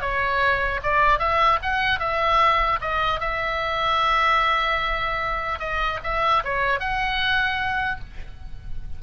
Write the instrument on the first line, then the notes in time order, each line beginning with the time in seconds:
oboe
0.00 C#5
0.83 D5
1.19 E5
1.62 F#5
1.99 E5
2.81 D#5
3.20 E5
5.59 D#5
6.03 E5
6.44 C#5
6.80 F#5